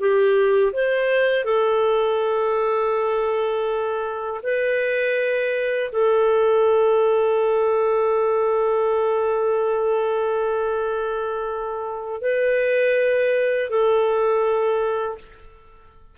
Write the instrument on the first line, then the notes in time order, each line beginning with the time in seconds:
clarinet
0.00 G4
0.73 C5
1.45 A4
4.43 B4
5.92 A4
12.22 B4
13.70 A4